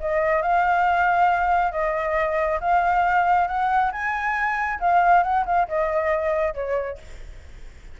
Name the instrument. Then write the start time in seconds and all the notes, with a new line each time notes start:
flute
0.00 D#5
0.42 F5
1.72 D#5
2.60 F5
3.47 F#5
3.92 G#5
4.80 F5
5.23 F#5
5.45 F5
5.68 D#5
6.54 C#5